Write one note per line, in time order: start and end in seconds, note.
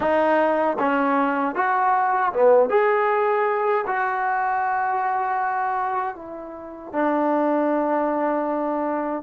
0.00 0.77 D#4
0.79 1.55 C#4
1.55 2.32 F#4
2.33 2.69 B3
2.69 3.85 G#4
3.86 6.15 F#4
6.15 6.92 E4
6.92 9.22 D4